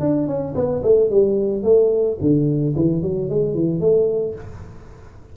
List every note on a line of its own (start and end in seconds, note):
0.00 0.27 D4
0.27 0.55 C#4
0.55 0.83 B3
0.83 1.10 A3
1.10 1.63 G3
1.63 2.18 A3
2.21 2.75 D3
2.76 3.02 E3
3.02 3.30 F#3
3.30 3.55 G#3
3.55 3.80 E3
3.80 4.35 A3